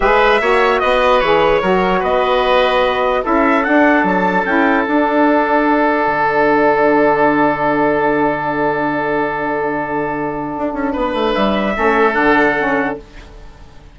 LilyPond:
<<
  \new Staff \with { instrumentName = "trumpet" } { \time 4/4 \tempo 4 = 148 e''2 dis''4 cis''4~ | cis''4 dis''2. | e''4 fis''4 a''4 g''4 | fis''1~ |
fis''1~ | fis''1~ | fis''1 | e''2 fis''2 | }
  \new Staff \with { instrumentName = "oboe" } { \time 4/4 b'4 cis''4 b'2 | ais'4 b'2. | a'1~ | a'1~ |
a'1~ | a'1~ | a'2. b'4~ | b'4 a'2. | }
  \new Staff \with { instrumentName = "saxophone" } { \time 4/4 gis'4 fis'2 gis'4 | fis'1 | e'4 d'2 e'4 | d'1~ |
d'1~ | d'1~ | d'1~ | d'4 cis'4 d'4 cis'4 | }
  \new Staff \with { instrumentName = "bassoon" } { \time 4/4 gis4 ais4 b4 e4 | fis4 b2. | cis'4 d'4 fis4 cis'4 | d'2. d4~ |
d1~ | d1~ | d2 d'8 cis'8 b8 a8 | g4 a4 d2 | }
>>